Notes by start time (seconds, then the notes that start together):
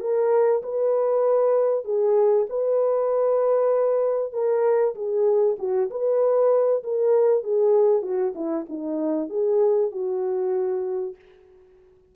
0.00 A#4
0.62 B4
1.84 G#4
2.49 B4
4.32 A#4
4.95 G#4
5.58 F#4
5.90 B4
6.83 A#4
7.43 G#4
8.02 F#4
8.35 E4
8.69 D#4
9.29 G#4
9.91 F#4